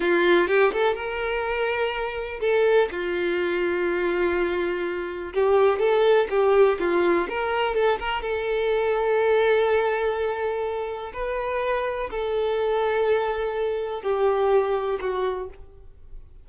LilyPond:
\new Staff \with { instrumentName = "violin" } { \time 4/4 \tempo 4 = 124 f'4 g'8 a'8 ais'2~ | ais'4 a'4 f'2~ | f'2. g'4 | a'4 g'4 f'4 ais'4 |
a'8 ais'8 a'2.~ | a'2. b'4~ | b'4 a'2.~ | a'4 g'2 fis'4 | }